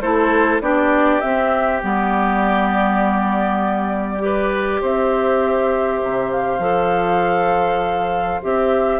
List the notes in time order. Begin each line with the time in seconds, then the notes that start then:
0.00 A3 E4 A4 C5
0.60 B3 D4 G4 D5
1.20 C4 E5
1.81 G3 B3 D5
4.19 G4 B4
4.81 C4 C5 E5
6.02 C3
6.31 F5
6.58 F3 A4
8.42 C4 G4 E5